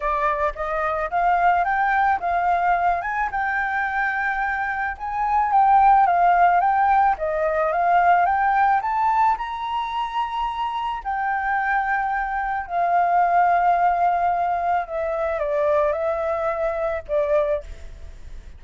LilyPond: \new Staff \with { instrumentName = "flute" } { \time 4/4 \tempo 4 = 109 d''4 dis''4 f''4 g''4 | f''4. gis''8 g''2~ | g''4 gis''4 g''4 f''4 | g''4 dis''4 f''4 g''4 |
a''4 ais''2. | g''2. f''4~ | f''2. e''4 | d''4 e''2 d''4 | }